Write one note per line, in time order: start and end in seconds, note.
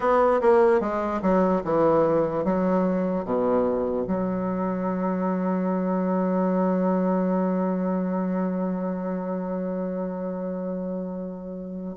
0.00 0.40 B3
0.41 0.80 A#3
0.80 1.21 G#3
1.22 1.62 F#3
1.64 2.44 E3
2.44 3.24 F#3
3.24 4.05 B2
4.07 11.96 F#3